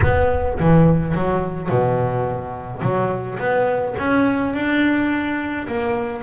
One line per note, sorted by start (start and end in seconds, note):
0.02 0.58 B3
0.59 1.14 E3
1.14 1.69 F#3
1.69 2.81 B2
2.81 3.38 F#3
3.38 3.95 B3
3.98 4.53 C#4
4.53 5.67 D4
5.67 6.22 A#3